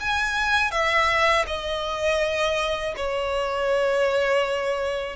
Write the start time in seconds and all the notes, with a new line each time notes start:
0.00 G#5
0.71 E5
1.47 D#5
2.96 C#5